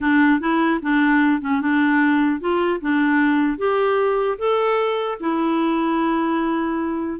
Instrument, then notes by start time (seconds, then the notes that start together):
clarinet
0.00 D4
0.39 E4
0.82 D4
1.41 C#4
1.61 D4
2.40 F4
2.81 D4
3.58 G4
4.38 A4
5.20 E4